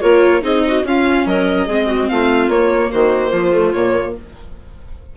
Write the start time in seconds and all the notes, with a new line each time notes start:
0.00 A#3 F4 A#4 C#5
0.41 C4 D#4 G#4 D#5
0.66 F#4
0.83 C#4 F4 F5
1.26 F#3 A#4 D#5
1.66 G#3 C4 G#4
1.86 F#4
2.08 A3 F4 F5
2.48 A#3 C#5
2.90 D#3 F#4 C5
3.29 F3 F4
3.52 A3
3.72 A#2 A#3 C#5